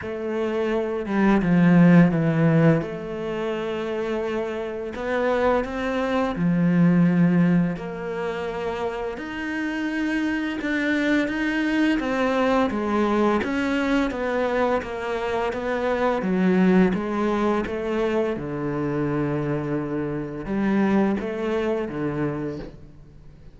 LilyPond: \new Staff \with { instrumentName = "cello" } { \time 4/4 \tempo 4 = 85 a4. g8 f4 e4 | a2. b4 | c'4 f2 ais4~ | ais4 dis'2 d'4 |
dis'4 c'4 gis4 cis'4 | b4 ais4 b4 fis4 | gis4 a4 d2~ | d4 g4 a4 d4 | }